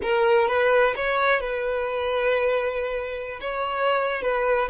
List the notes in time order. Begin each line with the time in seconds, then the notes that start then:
0.02 A#4
0.47 B4
0.95 C#5
1.40 B4
3.40 C#5
4.22 B4